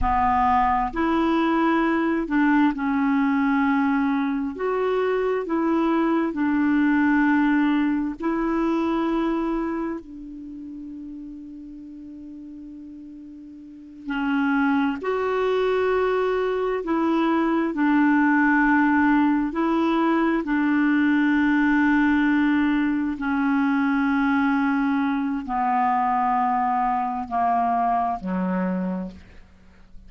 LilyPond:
\new Staff \with { instrumentName = "clarinet" } { \time 4/4 \tempo 4 = 66 b4 e'4. d'8 cis'4~ | cis'4 fis'4 e'4 d'4~ | d'4 e'2 d'4~ | d'2.~ d'8 cis'8~ |
cis'8 fis'2 e'4 d'8~ | d'4. e'4 d'4.~ | d'4. cis'2~ cis'8 | b2 ais4 fis4 | }